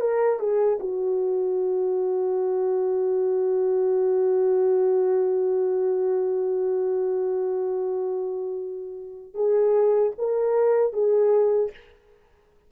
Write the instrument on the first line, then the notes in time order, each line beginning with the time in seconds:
horn
0.00 A#4
0.39 G#4
0.80 F#4
9.34 G#4
10.18 A#4
10.93 G#4